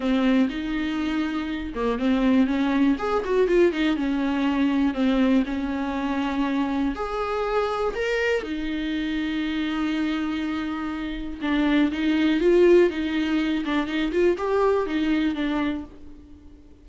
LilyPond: \new Staff \with { instrumentName = "viola" } { \time 4/4 \tempo 4 = 121 c'4 dis'2~ dis'8 ais8 | c'4 cis'4 gis'8 fis'8 f'8 dis'8 | cis'2 c'4 cis'4~ | cis'2 gis'2 |
ais'4 dis'2.~ | dis'2. d'4 | dis'4 f'4 dis'4. d'8 | dis'8 f'8 g'4 dis'4 d'4 | }